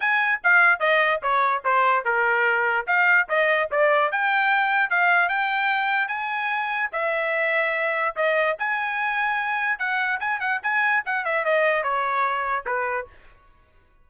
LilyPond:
\new Staff \with { instrumentName = "trumpet" } { \time 4/4 \tempo 4 = 147 gis''4 f''4 dis''4 cis''4 | c''4 ais'2 f''4 | dis''4 d''4 g''2 | f''4 g''2 gis''4~ |
gis''4 e''2. | dis''4 gis''2. | fis''4 gis''8 fis''8 gis''4 fis''8 e''8 | dis''4 cis''2 b'4 | }